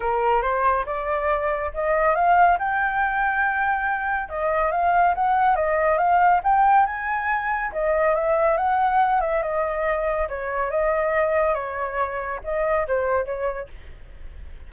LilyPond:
\new Staff \with { instrumentName = "flute" } { \time 4/4 \tempo 4 = 140 ais'4 c''4 d''2 | dis''4 f''4 g''2~ | g''2 dis''4 f''4 | fis''4 dis''4 f''4 g''4 |
gis''2 dis''4 e''4 | fis''4. e''8 dis''2 | cis''4 dis''2 cis''4~ | cis''4 dis''4 c''4 cis''4 | }